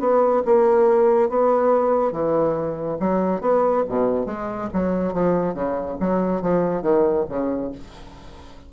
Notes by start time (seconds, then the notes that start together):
0.00 B3
0.45 A#3
1.29 B3
2.12 E3
3.00 F#3
3.41 B3
3.89 B2
4.26 G#3
4.74 F#3
5.14 F3
5.54 C#3
6.00 F#3
6.42 F3
6.82 D#3
7.29 C#3